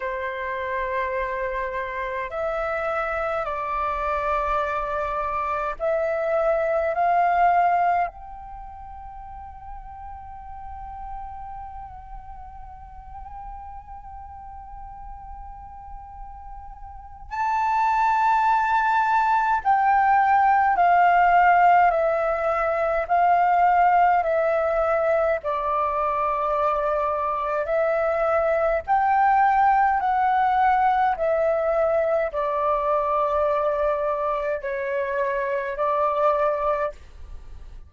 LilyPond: \new Staff \with { instrumentName = "flute" } { \time 4/4 \tempo 4 = 52 c''2 e''4 d''4~ | d''4 e''4 f''4 g''4~ | g''1~ | g''2. a''4~ |
a''4 g''4 f''4 e''4 | f''4 e''4 d''2 | e''4 g''4 fis''4 e''4 | d''2 cis''4 d''4 | }